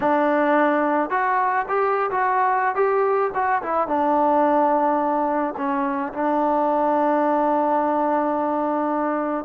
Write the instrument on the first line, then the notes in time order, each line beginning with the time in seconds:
trombone
0.00 D4
1.10 F#4
1.68 G4
2.11 F#4
2.75 G4
3.34 F#4
3.62 E4
3.87 D4
5.57 C#4
6.13 D4